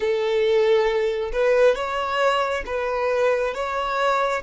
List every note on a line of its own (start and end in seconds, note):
0.00 1.31 A4
1.32 1.75 B4
1.75 2.63 C#5
2.66 3.54 B4
3.54 4.42 C#5